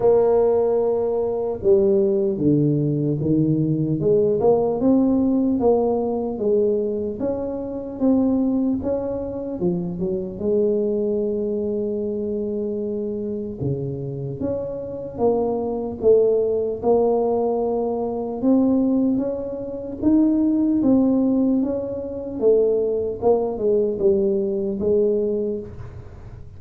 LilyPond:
\new Staff \with { instrumentName = "tuba" } { \time 4/4 \tempo 4 = 75 ais2 g4 d4 | dis4 gis8 ais8 c'4 ais4 | gis4 cis'4 c'4 cis'4 | f8 fis8 gis2.~ |
gis4 cis4 cis'4 ais4 | a4 ais2 c'4 | cis'4 dis'4 c'4 cis'4 | a4 ais8 gis8 g4 gis4 | }